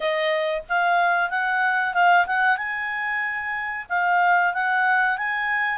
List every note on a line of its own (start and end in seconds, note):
0.00 0.61 D#5
0.68 1.30 F5
1.30 1.94 F#5
1.94 2.26 F5
2.26 2.57 F#5
2.57 3.86 G#5
3.89 4.53 F5
4.53 5.17 F#5
5.17 5.78 G#5